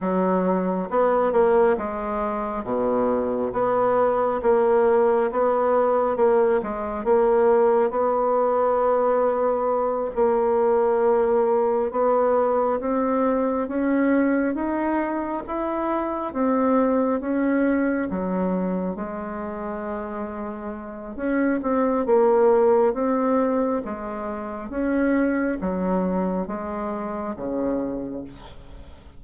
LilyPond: \new Staff \with { instrumentName = "bassoon" } { \time 4/4 \tempo 4 = 68 fis4 b8 ais8 gis4 b,4 | b4 ais4 b4 ais8 gis8 | ais4 b2~ b8 ais8~ | ais4. b4 c'4 cis'8~ |
cis'8 dis'4 e'4 c'4 cis'8~ | cis'8 fis4 gis2~ gis8 | cis'8 c'8 ais4 c'4 gis4 | cis'4 fis4 gis4 cis4 | }